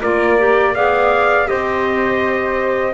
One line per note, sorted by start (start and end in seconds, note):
0.00 0.75 A#3
0.00 0.38 F4
0.00 0.73 A#4
0.00 0.75 D5
0.38 0.75 G4
0.75 1.48 B3
0.75 1.46 G#4
0.75 1.48 D5
0.75 1.48 F5
1.46 2.94 C4
1.46 2.93 G4
1.46 2.94 C5
1.46 2.94 D#5